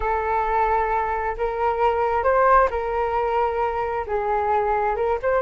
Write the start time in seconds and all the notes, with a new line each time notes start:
0.00 A4
1.37 A#4
2.23 C5
2.70 A#4
4.06 G#4
4.95 A#4
5.22 C5